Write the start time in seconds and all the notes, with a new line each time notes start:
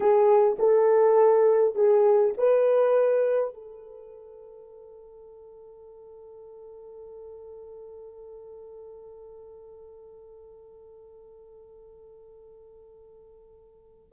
0.00 G#4
0.58 A4
1.75 G#4
2.37 B4
3.54 A4